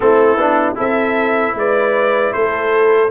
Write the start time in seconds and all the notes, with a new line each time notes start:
0.00 A3 C4 E4 A4
0.36 B3 D4
0.75 C4 E4 A4 E5
1.54 G#3 B4 D5
2.32 A3 A4 C5